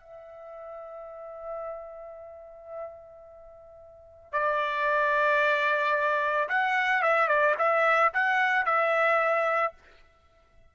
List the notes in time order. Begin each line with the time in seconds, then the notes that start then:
0.00 E5
4.32 D5
6.49 F#5
7.02 E5
7.28 D5
7.58 E5
8.14 F#5
8.66 E5